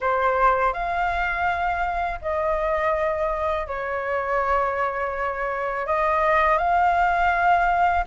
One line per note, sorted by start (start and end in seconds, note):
0.00 0.73 C5
0.73 2.19 F5
2.21 3.67 D#5
3.67 5.86 C#5
5.86 6.58 D#5
6.58 8.04 F5